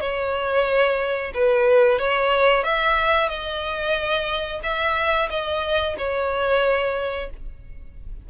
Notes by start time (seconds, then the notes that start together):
0.00 C#5
1.34 B4
1.98 C#5
2.63 E5
3.28 D#5
4.63 E5
5.30 D#5
5.98 C#5